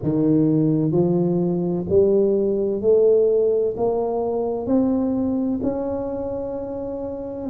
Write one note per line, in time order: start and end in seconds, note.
0.03 0.91 D#3
0.91 1.85 F3
1.89 2.81 G3
2.81 3.75 A3
3.77 4.66 A#3
4.66 5.60 C4
5.62 7.50 C#4